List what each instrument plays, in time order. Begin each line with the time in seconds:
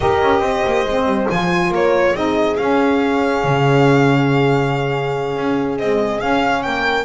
0.00 double bass D#4, saxophone G4, horn A#4, violin D#5
0.21 double bass C#4
0.39 double bass C4, horn C5
0.65 double bass A#3
0.84 double bass G#3, saxophone C4
1.05 double bass G3
1.29 double bass F3, saxophone F4, violin G#5
1.69 double bass A#3, horn A#4, violin C#5
2.13 double bass C4, saxophone D#4, horn G#4, violin D#5
2.56 saxophone C#4, double bass C#4, violin F5
3.44 double bass C#3
5.37 double bass C#4
5.78 saxophone G#3, double bass C4, violin D#5
6.20 saxophone C#4, double bass C#4, violin F5
6.62 double bass A#3, horn A#4, violin G5